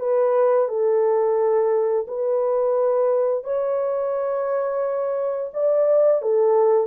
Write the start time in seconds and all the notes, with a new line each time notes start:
0.00 B4
0.69 A4
2.08 B4
3.44 C#5
5.54 D5
6.22 A4